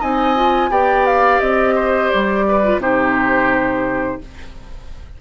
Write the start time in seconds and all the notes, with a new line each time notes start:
0.00 C4 D#4 D#5 G#5
0.35 F4
0.69 B3 G4 D5 G5
1.06 F5
1.40 C4 D#5
1.75 C5
2.10 G3 D5
2.48 B4
2.63 F4
2.78 C3 D#4 G4 C5